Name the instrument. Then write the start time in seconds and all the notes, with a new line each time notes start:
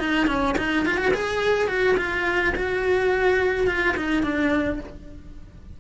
cello
0.00 D#4
0.27 C#4
0.58 D#4
0.86 F4
0.98 F#4
1.14 G#4
1.68 F#4
1.98 F4
2.56 F#4
3.68 F4
3.97 D#4
4.23 D4